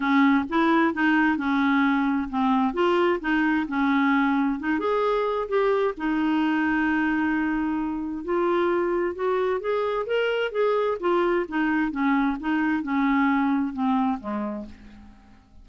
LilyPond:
\new Staff \with { instrumentName = "clarinet" } { \time 4/4 \tempo 4 = 131 cis'4 e'4 dis'4 cis'4~ | cis'4 c'4 f'4 dis'4 | cis'2 dis'8 gis'4. | g'4 dis'2.~ |
dis'2 f'2 | fis'4 gis'4 ais'4 gis'4 | f'4 dis'4 cis'4 dis'4 | cis'2 c'4 gis4 | }